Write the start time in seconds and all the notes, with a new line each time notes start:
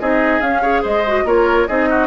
0.00 C4 D#4 G#4 D#5
0.41 C#4 F5
0.62 G#4 C#5
0.82 G#3 C5 D#5
1.08 F#4
1.25 A#3 F4 A#4 C#5
1.68 C4 D#4 G#4 D#5
1.90 F#4